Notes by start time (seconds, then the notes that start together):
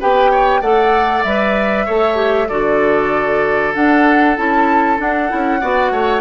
0.00 B3 G4 B4 G5
0.31 C#5
0.61 A3 A4 D5 F#5
1.23 G3 B4 E5
1.86 A3 A4 C#5
2.16 G4
2.49 D3 F#4 A4 D5
3.74 D4 F#5
4.38 C#4 E4 A5
4.98 D4 F#5
5.29 C#4 E4
5.61 B3 F#4 D5
5.91 A3 C#5